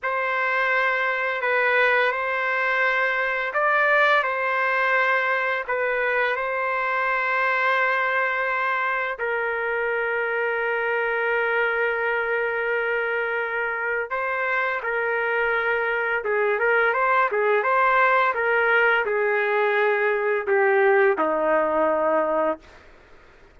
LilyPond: \new Staff \with { instrumentName = "trumpet" } { \time 4/4 \tempo 4 = 85 c''2 b'4 c''4~ | c''4 d''4 c''2 | b'4 c''2.~ | c''4 ais'2.~ |
ais'1 | c''4 ais'2 gis'8 ais'8 | c''8 gis'8 c''4 ais'4 gis'4~ | gis'4 g'4 dis'2 | }